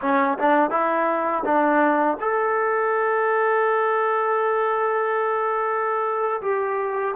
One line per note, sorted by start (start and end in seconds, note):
0.01 0.38 C#4
0.38 0.70 D4
0.70 1.43 E4
1.44 2.18 D4
2.20 6.41 A4
6.41 7.14 G4